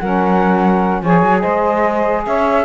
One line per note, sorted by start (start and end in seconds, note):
0.00 1.02 F#3
0.00 1.05 C#4
0.00 1.02 A#4
0.00 1.02 F#5
1.02 1.23 F3
1.02 2.65 G#4
1.02 1.42 C#5
1.02 1.41 G#5
1.23 1.43 F#3
1.41 2.27 G#3
1.41 2.24 C5
1.41 2.23 D#5
2.26 2.65 C#4
2.26 2.65 C#5
2.26 2.65 E5